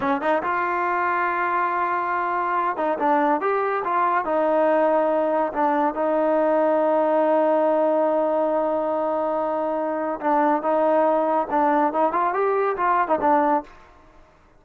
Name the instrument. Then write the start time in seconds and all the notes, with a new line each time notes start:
trombone
0.00 C#4
0.21 D#4
0.42 F4
2.76 D#4
2.98 D4
3.40 G4
3.84 F4
4.24 D#4
5.52 D4
5.94 D#4
10.20 D4
10.62 D#4
11.50 D4
11.92 D#4
12.12 F4
12.33 G4
12.76 F4
13.08 D#4
13.21 D4